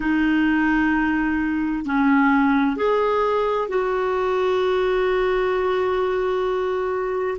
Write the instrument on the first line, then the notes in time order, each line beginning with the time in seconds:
clarinet
0.00 D#4
1.85 C#4
2.76 G#4
3.68 F#4